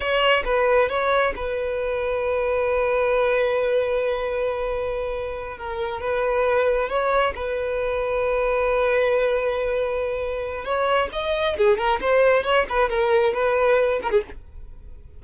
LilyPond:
\new Staff \with { instrumentName = "violin" } { \time 4/4 \tempo 4 = 135 cis''4 b'4 cis''4 b'4~ | b'1~ | b'1~ | b'8 ais'4 b'2 cis''8~ |
cis''8 b'2.~ b'8~ | b'1 | cis''4 dis''4 gis'8 ais'8 c''4 | cis''8 b'8 ais'4 b'4. ais'16 gis'16 | }